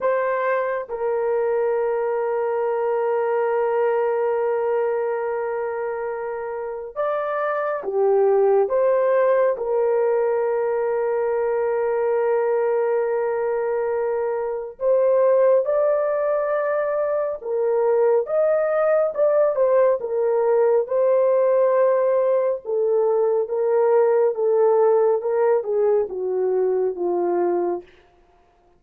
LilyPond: \new Staff \with { instrumentName = "horn" } { \time 4/4 \tempo 4 = 69 c''4 ais'2.~ | ais'1 | d''4 g'4 c''4 ais'4~ | ais'1~ |
ais'4 c''4 d''2 | ais'4 dis''4 d''8 c''8 ais'4 | c''2 a'4 ais'4 | a'4 ais'8 gis'8 fis'4 f'4 | }